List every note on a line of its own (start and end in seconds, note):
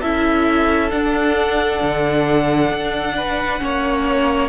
0.00 0.92 C#4
0.00 0.90 E4
0.00 3.13 A4
0.00 0.90 E5
0.90 3.59 D4
0.90 1.82 D4
0.90 4.49 F#5
1.82 2.71 D3
2.71 3.60 D4
3.16 3.61 B4
3.59 4.49 A#3
3.59 4.48 C#4
3.59 4.49 C#5